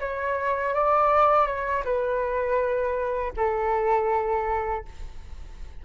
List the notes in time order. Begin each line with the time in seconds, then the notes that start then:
0.00 C#5
0.74 D5
1.46 C#5
1.85 B4
3.37 A4